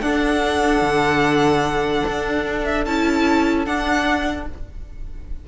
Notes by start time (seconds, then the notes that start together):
0.00 D4 A4 F#5
0.82 D3
2.08 D4
2.65 E5
2.86 C#4 E4 A5
3.66 D4 F#5